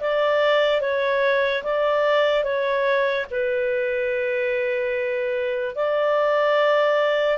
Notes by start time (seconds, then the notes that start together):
0.00 D5
0.81 C#5
1.63 D5
2.43 C#5
3.30 B4
5.75 D5